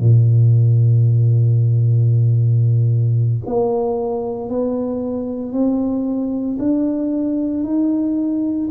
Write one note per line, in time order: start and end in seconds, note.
0.00 3.42 A#2
3.46 4.50 A#3
4.50 5.53 B3
5.53 6.58 C4
6.59 7.64 D4
7.64 8.69 D#4